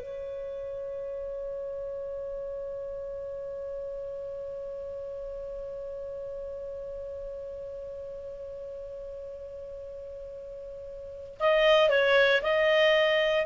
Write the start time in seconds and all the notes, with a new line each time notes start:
0.00 C#5
11.40 D#5
11.90 C#5
12.42 D#5